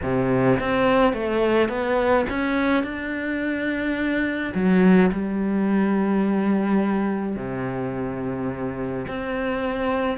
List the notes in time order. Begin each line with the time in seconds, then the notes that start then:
0.02 C3
0.59 C4
1.13 A3
1.68 B3
2.29 C#4
2.83 D4
4.54 F#3
5.11 G3
7.36 C3
9.07 C4